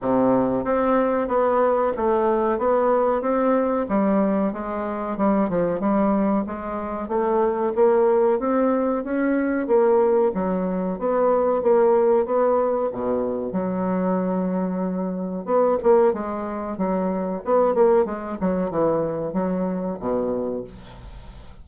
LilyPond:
\new Staff \with { instrumentName = "bassoon" } { \time 4/4 \tempo 4 = 93 c4 c'4 b4 a4 | b4 c'4 g4 gis4 | g8 f8 g4 gis4 a4 | ais4 c'4 cis'4 ais4 |
fis4 b4 ais4 b4 | b,4 fis2. | b8 ais8 gis4 fis4 b8 ais8 | gis8 fis8 e4 fis4 b,4 | }